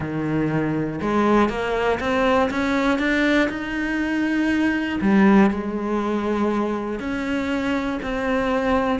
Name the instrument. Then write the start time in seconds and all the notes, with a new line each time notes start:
cello
0.00 D#3
1.01 G#3
1.49 A#3
2.00 C4
2.50 C#4
2.99 D4
3.49 D#4
5.01 G3
5.50 G#3
6.99 C#4
8.02 C4